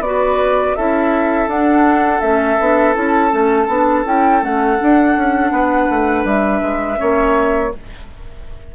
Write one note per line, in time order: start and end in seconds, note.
0.00 0.73 B3
0.00 0.77 F#4
0.00 0.77 B4
0.00 0.75 D5
0.75 1.48 C#4
0.75 1.49 E4
0.75 5.52 A4
0.75 1.49 E5
1.48 2.21 D4
1.48 2.22 D4
1.48 2.21 F#5
2.21 2.59 A3
2.21 2.59 C#4
2.21 2.94 E5
2.60 2.96 B3
2.60 2.94 D4
2.94 3.32 C#4
2.94 3.30 E4
2.94 4.04 A5
3.30 3.68 A3
3.30 3.67 C#4
3.68 4.04 B3
3.68 4.06 D4
4.06 4.43 C#4
4.06 4.42 E4
4.06 4.44 G5
4.42 4.79 A3
4.42 4.79 C#4
4.42 6.26 F#5
4.79 6.97 D4
4.79 5.17 D4
5.17 5.51 C#4
5.51 5.88 B3
5.51 6.99 B4
5.90 6.25 A3
6.25 6.61 G3
6.25 7.73 E5
6.62 6.98 G#3
6.97 7.75 A#3
6.97 7.70 C#4
6.97 7.73 C#5